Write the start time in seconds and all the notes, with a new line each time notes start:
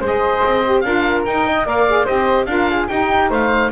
0.00 G#3 G#4 C5
0.06 D#5
0.43 C4
0.64 G4
0.80 D4 F4 A#4 F5
1.25 D#4 G5
1.46 D#5
1.65 A#3 A#4 D5 F5
1.88 G#4
2.04 C4 G4 C5 D#5
2.45 D4 F4 A#4 F5
2.70 G#4
2.88 D#4 G4 G5
3.29 A3 C5 F5